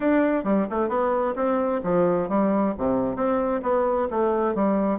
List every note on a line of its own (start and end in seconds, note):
0.00 0.44 D4
0.44 0.67 G3
0.70 0.88 A3
0.88 1.34 B3
1.35 1.81 C4
1.83 2.28 F3
2.29 2.74 G3
2.77 3.15 C3
3.15 3.61 C4
3.62 4.07 B3
4.10 4.55 A3
4.55 4.99 G3